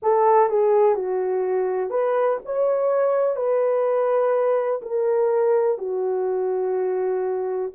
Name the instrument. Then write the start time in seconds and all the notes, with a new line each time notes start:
horn
0.02 A4
0.49 G#4
0.95 F#4
1.90 B4
2.45 C#5
3.36 B4
4.81 A#4
5.78 F#4